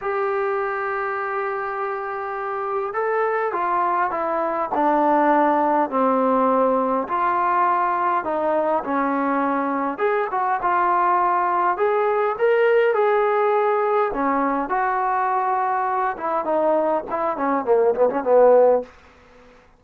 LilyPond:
\new Staff \with { instrumentName = "trombone" } { \time 4/4 \tempo 4 = 102 g'1~ | g'4 a'4 f'4 e'4 | d'2 c'2 | f'2 dis'4 cis'4~ |
cis'4 gis'8 fis'8 f'2 | gis'4 ais'4 gis'2 | cis'4 fis'2~ fis'8 e'8 | dis'4 e'8 cis'8 ais8 b16 cis'16 b4 | }